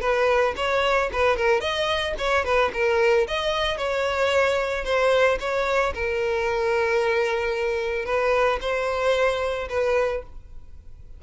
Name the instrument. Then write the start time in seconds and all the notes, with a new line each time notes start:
violin
0.00 B4
0.56 C#5
1.12 B4
1.36 A#4
1.60 D#5
2.18 C#5
2.44 B4
2.73 A#4
3.27 D#5
3.77 C#5
4.84 C5
5.39 C#5
5.94 A#4
8.05 B4
8.61 C5
9.68 B4